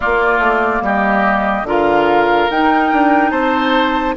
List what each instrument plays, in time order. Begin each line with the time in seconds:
0.00 clarinet A#3, bassoon A#3, oboe F4, flute D5
0.39 bassoon A3
0.81 bassoon G3, oboe G4, flute D#5
1.63 bassoon D3, clarinet F4, oboe A#4
1.70 flute F5
2.50 bassoon D#4, clarinet D#4, flute G5
2.92 bassoon D4
3.30 bassoon C4, oboe C5, flute A5